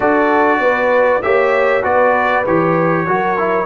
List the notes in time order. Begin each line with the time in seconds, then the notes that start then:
0.00 D4 F#4 A4 D5
0.59 B3 B4
1.22 A#3 G4 C#5 E5
1.83 B3 F#4 B4 D5
2.46 E3 G4 C#5
3.07 F#3 F#4 A#4
3.38 E4